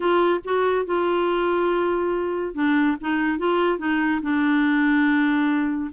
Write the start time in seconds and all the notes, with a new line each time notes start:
0.00 F4
0.44 F#4
0.85 F4
2.54 D4
3.00 D#4
3.38 F4
3.78 D#4
4.22 D4